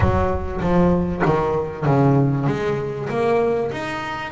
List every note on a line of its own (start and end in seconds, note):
0.00 0.60 F#3
0.60 1.22 F3
1.25 1.85 D#3
1.85 2.46 C#3
2.46 3.08 G#3
3.09 3.71 A#3
3.71 4.31 D#4